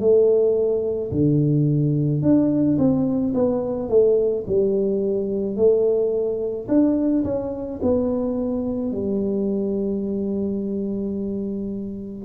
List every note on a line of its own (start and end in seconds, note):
0.00 1.11 A3
1.12 2.22 D3
2.22 2.78 D4
2.78 3.34 C4
3.34 3.89 B3
3.89 4.44 A3
4.47 5.57 G3
5.57 6.68 A3
6.68 7.24 D4
7.24 7.80 C#4
7.82 8.92 B3
8.92 12.25 G3